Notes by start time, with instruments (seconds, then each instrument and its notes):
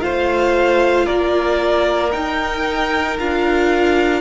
0.00 cello A3, viola F4, violin C5 F5
1.05 cello A#3, violin A#4 D5
2.12 viola D#4, cello D#4, violin G5
3.18 cello D4, viola F4, violin F5